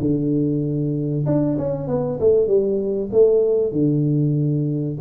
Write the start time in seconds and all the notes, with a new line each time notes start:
0.00 D3
1.26 D4
1.58 C#4
1.88 B3
2.20 A3
2.47 G3
3.12 A3
3.72 D3